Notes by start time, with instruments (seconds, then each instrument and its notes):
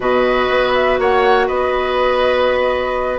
0.00 bassoon B2, clarinet F#4, oboe B4, flute D#5
0.49 bassoon B3
0.73 flute E5
0.98 bassoon A#3, oboe C#5, flute F#5
1.46 bassoon B3, oboe B4, flute D#5